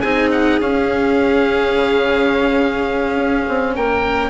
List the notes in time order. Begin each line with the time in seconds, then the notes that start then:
0.00 C4 D#4 G#4 G#5
0.32 F#5
0.60 C#4 F5
1.75 C#3
3.16 C#4
3.48 C4
3.75 A#3 A#4 G5